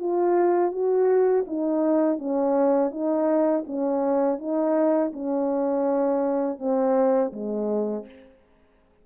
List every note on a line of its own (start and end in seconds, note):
0.00 0.72 F4
0.72 1.45 F#4
1.47 2.19 D#4
2.19 2.91 C#4
2.91 3.65 D#4
3.67 4.39 C#4
4.39 5.12 D#4
5.14 6.59 C#4
6.59 7.32 C4
7.33 8.06 G#3